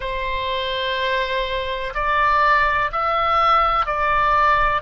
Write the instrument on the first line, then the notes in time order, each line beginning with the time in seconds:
oboe
0.00 C5
1.94 D5
2.92 E5
3.85 D5